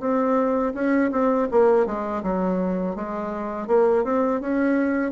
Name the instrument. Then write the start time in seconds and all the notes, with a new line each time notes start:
bassoon
0.00 C4
0.74 C#4
1.11 C4
1.51 A#3
1.86 G#3
2.23 F#3
2.96 G#3
3.68 A#3
4.04 C4
4.41 C#4